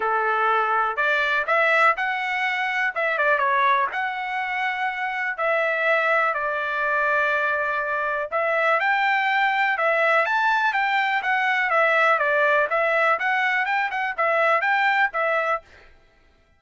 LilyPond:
\new Staff \with { instrumentName = "trumpet" } { \time 4/4 \tempo 4 = 123 a'2 d''4 e''4 | fis''2 e''8 d''8 cis''4 | fis''2. e''4~ | e''4 d''2.~ |
d''4 e''4 g''2 | e''4 a''4 g''4 fis''4 | e''4 d''4 e''4 fis''4 | g''8 fis''8 e''4 g''4 e''4 | }